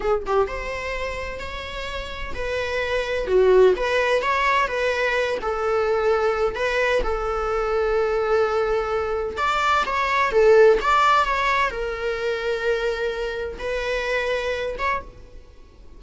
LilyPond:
\new Staff \with { instrumentName = "viola" } { \time 4/4 \tempo 4 = 128 gis'8 g'8 c''2 cis''4~ | cis''4 b'2 fis'4 | b'4 cis''4 b'4. a'8~ | a'2 b'4 a'4~ |
a'1 | d''4 cis''4 a'4 d''4 | cis''4 ais'2.~ | ais'4 b'2~ b'8 cis''8 | }